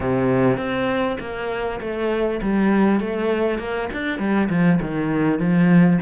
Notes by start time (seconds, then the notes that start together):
0.00 C3
0.57 C4
1.19 A#3
1.80 A3
2.42 G3
3.00 A3
3.58 A#3
3.92 D4
4.18 G3
4.49 F3
4.81 D#3
5.39 F3